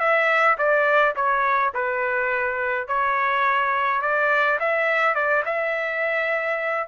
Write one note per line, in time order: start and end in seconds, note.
0.00 0.57 E5
0.58 1.15 D5
1.16 1.73 C#5
1.74 2.88 B4
2.88 4.02 C#5
4.02 4.59 D5
4.60 5.15 E5
5.15 5.43 D5
5.45 6.88 E5